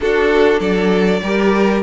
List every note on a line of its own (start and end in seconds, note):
0.00 1.19 D4
0.00 0.60 D4
0.00 0.59 F#4
0.00 0.60 A4
0.59 1.21 F#3
0.59 1.20 A4
0.59 1.83 D5
1.22 1.83 G3
1.22 1.83 G4
1.22 1.83 A#4